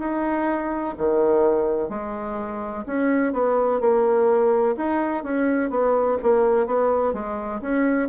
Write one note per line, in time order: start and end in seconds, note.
0.00 0.95 D#4
0.98 1.90 D#3
1.90 2.85 G#3
2.87 3.33 C#4
3.33 3.81 B3
3.81 4.76 A#3
4.77 5.24 D#4
5.24 5.71 C#4
5.71 6.18 B3
6.23 6.67 A#3
6.67 7.14 B3
7.14 7.61 G#3
7.62 8.10 C#4